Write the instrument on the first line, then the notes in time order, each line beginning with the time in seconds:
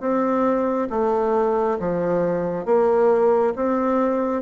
bassoon
0.00 C4
0.90 A3
1.79 F3
2.65 A#3
3.55 C4